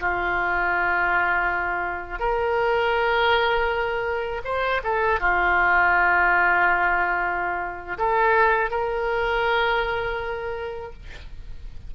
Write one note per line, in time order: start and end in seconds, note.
0.00 2.19 F4
2.19 4.41 A#4
4.44 4.81 C5
4.84 5.20 A4
5.20 7.98 F4
7.98 8.70 A4
8.70 10.93 A#4